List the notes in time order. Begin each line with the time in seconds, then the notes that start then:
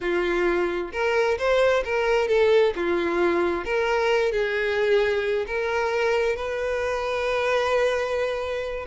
0.00 F4
0.92 A#4
1.38 C5
1.84 A#4
2.27 A4
2.75 F4
3.65 A#4
4.32 G#4
5.46 A#4
6.35 B4